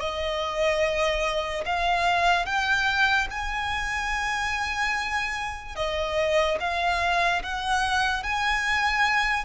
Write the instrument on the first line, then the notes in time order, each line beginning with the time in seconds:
violin
0.00 D#5
1.66 F5
2.45 G5
3.30 G#5
5.76 D#5
6.60 F5
7.43 F#5
8.23 G#5